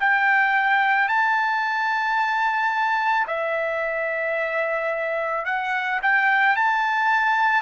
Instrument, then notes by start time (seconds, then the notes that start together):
trumpet
0.00 G5
1.08 A5
3.27 E5
5.45 F#5
6.02 G5
6.56 A5